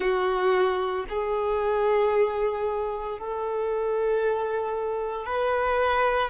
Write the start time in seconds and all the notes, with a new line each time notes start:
0.00 F#4
1.09 G#4
3.18 A4
5.26 B4